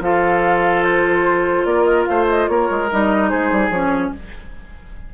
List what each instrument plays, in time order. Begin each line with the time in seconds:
0.00 bassoon F3, clarinet F4, oboe A4, flute F5
0.84 flute C5
1.65 bassoon A#3, oboe A#4, flute D5
1.84 flute D#5
2.05 bassoon A3, oboe C5, flute F5
2.29 flute D#5
2.48 bassoon A#3, oboe A#4, flute C#5
2.71 bassoon G#3
2.91 bassoon G3, clarinet D#4, flute D#5
3.29 bassoon G#3, oboe G#4, flute C5
3.52 bassoon G3
3.70 bassoon F3, clarinet C#4, flute C#5